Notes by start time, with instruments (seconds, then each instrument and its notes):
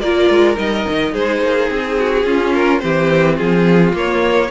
0.00 cello A#3, viola F4, violin A#4 D5
0.29 cello G#3
0.54 cello G3, viola D#4, violin D#5
0.88 cello D#3
1.12 cello G#3, violin G#4 C5
1.42 cello A#3
1.70 cello C4, violin G#4
1.98 violin F#4
2.23 cello C#4, viola C#4, violin F4
2.53 violin A#4
2.79 cello E3, viola C4, violin G4 C5
3.36 cello F3, violin F4 G#4
3.92 cello A#3, viola A#3, violin C#5